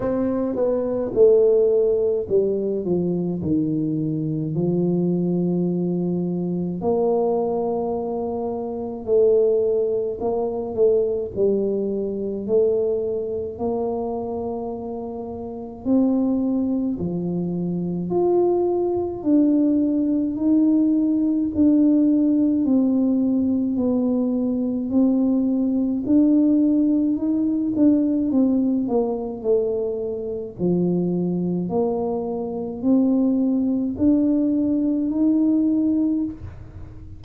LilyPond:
\new Staff \with { instrumentName = "tuba" } { \time 4/4 \tempo 4 = 53 c'8 b8 a4 g8 f8 dis4 | f2 ais2 | a4 ais8 a8 g4 a4 | ais2 c'4 f4 |
f'4 d'4 dis'4 d'4 | c'4 b4 c'4 d'4 | dis'8 d'8 c'8 ais8 a4 f4 | ais4 c'4 d'4 dis'4 | }